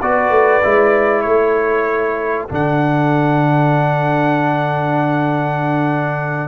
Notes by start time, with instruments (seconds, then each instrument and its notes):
0.00 tuba B3, trombone F#4, horn B4, trumpet D5
0.30 tuba A3
0.63 tuba G#3, trombone E4
1.22 tuba A3, horn A4, trumpet C#5
2.49 tuba D3, trombone D4, trumpet F#5